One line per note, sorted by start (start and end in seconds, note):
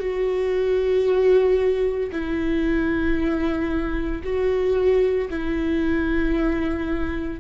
0.00 2.11 F#4
2.12 4.22 E4
4.23 5.29 F#4
5.30 7.40 E4